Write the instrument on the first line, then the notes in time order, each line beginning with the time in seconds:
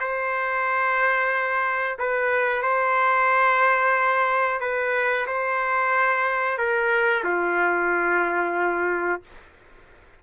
trumpet
0.00 C5
1.99 B4
2.63 C5
4.60 B4
5.27 C5
6.58 A#4
7.24 F4